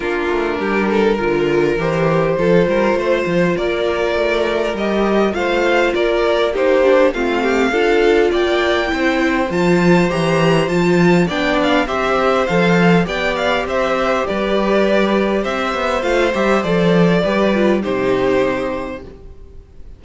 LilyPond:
<<
  \new Staff \with { instrumentName = "violin" } { \time 4/4 \tempo 4 = 101 ais'2. c''4~ | c''2 d''2 | dis''4 f''4 d''4 c''4 | f''2 g''2 |
a''4 ais''4 a''4 g''8 f''8 | e''4 f''4 g''8 f''8 e''4 | d''2 e''4 f''8 e''8 | d''2 c''2 | }
  \new Staff \with { instrumentName = "violin" } { \time 4/4 f'4 g'8 a'8 ais'2 | a'8 ais'8 c''4 ais'2~ | ais'4 c''4 ais'4 g'4 | f'8 g'8 a'4 d''4 c''4~ |
c''2. d''4 | c''2 d''4 c''4 | b'2 c''2~ | c''4 b'4 g'2 | }
  \new Staff \with { instrumentName = "viola" } { \time 4/4 d'2 f'4 g'4 | f'1 | g'4 f'2 dis'8 d'8 | c'4 f'2 e'4 |
f'4 g'4 f'4 d'4 | g'4 a'4 g'2~ | g'2. f'8 g'8 | a'4 g'8 f'8 dis'2 | }
  \new Staff \with { instrumentName = "cello" } { \time 4/4 ais8 a8 g4 d4 e4 | f8 g8 a8 f8 ais4 a4 | g4 a4 ais2 | a4 d'4 ais4 c'4 |
f4 e4 f4 b4 | c'4 f4 b4 c'4 | g2 c'8 b8 a8 g8 | f4 g4 c2 | }
>>